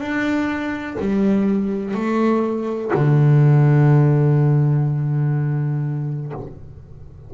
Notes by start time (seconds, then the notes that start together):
0.00 D4
0.99 G3
1.94 A3
2.94 D3